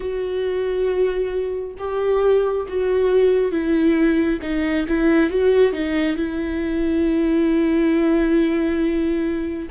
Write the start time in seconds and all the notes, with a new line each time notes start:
0.00 F#4
1.78 G4
2.68 F#4
3.51 E4
4.42 D#4
4.88 E4
5.30 F#4
5.72 D#4
6.16 E4